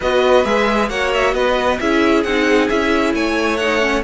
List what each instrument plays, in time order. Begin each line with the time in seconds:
0.00 cello B3, viola F#4, violin B4 D#5
0.45 cello G#3, viola G#4, violin E5
0.89 cello A#3, viola F#4, violin C#5 F#5
1.13 violin E5
1.34 cello B3, violin B4 D#5
1.79 cello C#4, viola E4, violin G#4 E5
2.23 cello C4, viola D#4, violin F#5
2.69 cello C#4, viola E4, violin E5
3.13 cello A3, violin C#5 G#5
3.56 viola D#4, violin F#5
3.80 viola C#4